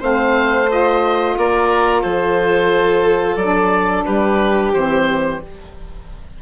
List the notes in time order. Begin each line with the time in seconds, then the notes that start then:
0.00 A3 C4 C5 F5
0.69 F4 D#5
1.37 A#3 A#4 D5
2.03 F3 A4 C5
3.36 F#3 D4 D5
4.05 G3 G4 B4
4.74 E3 C4 C5